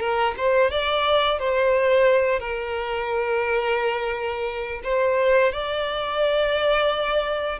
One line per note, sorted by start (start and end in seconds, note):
0.00 0.34 A#4
0.37 0.71 C5
0.71 1.39 D5
1.39 2.40 C5
2.40 4.81 A#4
4.84 5.53 C5
5.53 7.60 D5